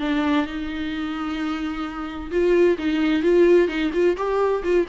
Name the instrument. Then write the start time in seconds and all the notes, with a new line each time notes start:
viola
0.00 D4
0.46 D#4
2.31 F4
2.78 D#4
3.23 F4
3.68 D#4
3.94 F4
4.17 G4
4.64 F4